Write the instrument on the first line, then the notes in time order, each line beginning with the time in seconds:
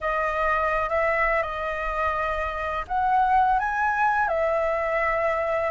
flute
0.00 D#5
0.89 E5
1.42 D#5
2.87 F#5
3.59 G#5
4.28 E5